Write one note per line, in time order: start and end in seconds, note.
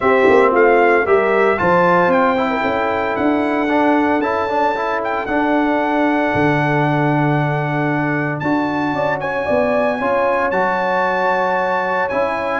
0.00 1.06 C4
0.00 0.27 C4
0.00 0.51 G4
0.00 0.52 E5
0.29 0.53 A#3
0.51 1.05 A3
0.51 1.04 F4
0.51 1.06 F5
1.05 1.58 G3
1.05 1.58 G4
1.05 1.58 A#4
1.05 1.59 E5
1.58 2.07 F3
1.58 2.36 F4
1.58 2.50 C5
1.58 2.11 A5
2.07 2.59 C4
2.07 3.16 G5
2.36 3.67 E4
2.50 2.61 A#4
2.61 3.15 C#4
2.61 8.93 A4
3.16 4.19 D4
3.16 4.21 F#5
3.69 4.21 D4
4.19 5.24 C#4
4.19 4.48 E4
4.19 5.00 A5
4.48 4.75 D4
4.75 5.27 E4
5.04 5.26 G5
5.26 6.32 D4
5.26 8.43 D4
5.26 8.39 F#5
6.34 8.41 D3
8.39 8.93 D4
8.39 10.00 F#4
8.39 9.18 A5
8.93 9.45 C#4
8.93 9.20 D5
9.20 9.45 C#5
9.20 10.50 G#5
9.45 10.00 B3
9.45 9.98 D5
9.98 10.51 C#4
9.98 10.52 F4
9.98 12.59 C#5
10.50 12.09 F#3
10.50 12.10 F#4
10.50 12.08 A5
12.08 12.59 C#4
12.08 12.59 E4
12.08 12.59 G#5